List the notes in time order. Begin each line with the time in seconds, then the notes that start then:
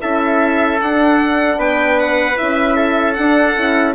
0.00 C#4 E4 A4 E5
0.80 D4 F#5
1.57 B3 B4 G5
1.99 F#5
2.36 C#4 E4 E5
2.76 A4
3.14 D4 F#5
3.56 C#4 E4